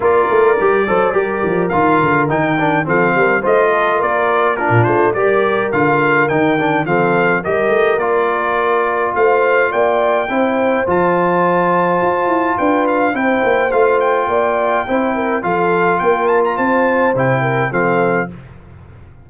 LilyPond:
<<
  \new Staff \with { instrumentName = "trumpet" } { \time 4/4 \tempo 4 = 105 d''2. f''4 | g''4 f''4 dis''4 d''4 | ais'8 c''8 d''4 f''4 g''4 | f''4 dis''4 d''2 |
f''4 g''2 a''4~ | a''2 g''8 f''8 g''4 | f''8 g''2~ g''8 f''4 | g''8 a''16 ais''16 a''4 g''4 f''4 | }
  \new Staff \with { instrumentName = "horn" } { \time 4/4 ais'4. c''8 ais'2~ | ais'4 a'8 ais'8 c''8 a'8 ais'4 | f'4 ais'2. | a'4 ais'2. |
c''4 d''4 c''2~ | c''2 b'4 c''4~ | c''4 d''4 c''8 ais'8 a'4 | ais'4 c''4. ais'8 a'4 | }
  \new Staff \with { instrumentName = "trombone" } { \time 4/4 f'4 g'8 a'8 g'4 f'4 | dis'8 d'8 c'4 f'2 | d'4 g'4 f'4 dis'8 d'8 | c'4 g'4 f'2~ |
f'2 e'4 f'4~ | f'2. e'4 | f'2 e'4 f'4~ | f'2 e'4 c'4 | }
  \new Staff \with { instrumentName = "tuba" } { \time 4/4 ais8 a8 g8 fis8 g8 f8 dis8 d8 | dis4 f8 g8 a4 ais4~ | ais16 ais,16 a8 g4 d4 dis4 | f4 g8 a8 ais2 |
a4 ais4 c'4 f4~ | f4 f'8 e'8 d'4 c'8 ais8 | a4 ais4 c'4 f4 | ais4 c'4 c4 f4 | }
>>